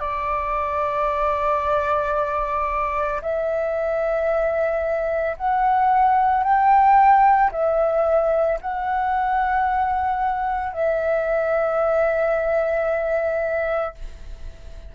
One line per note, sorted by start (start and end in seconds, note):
0.00 3.21 D5
3.22 5.36 E5
5.37 6.44 F#5
6.44 7.51 G5
7.52 8.59 E5
8.62 10.73 F#5
10.73 13.95 E5